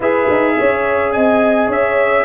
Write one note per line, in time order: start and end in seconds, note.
0.00 0.28 E4
0.00 2.25 G#4
0.00 0.56 B4
0.00 1.12 E5
0.29 0.58 D#4
0.58 1.15 C#4
0.58 1.13 C#5
1.12 1.68 C4
1.12 1.67 D#5
1.12 1.69 G#5
1.67 2.25 C#4
1.67 2.24 C#5
1.67 2.25 E5